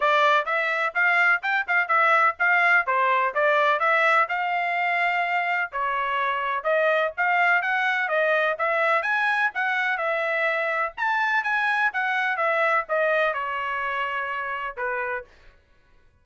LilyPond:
\new Staff \with { instrumentName = "trumpet" } { \time 4/4 \tempo 4 = 126 d''4 e''4 f''4 g''8 f''8 | e''4 f''4 c''4 d''4 | e''4 f''2. | cis''2 dis''4 f''4 |
fis''4 dis''4 e''4 gis''4 | fis''4 e''2 a''4 | gis''4 fis''4 e''4 dis''4 | cis''2. b'4 | }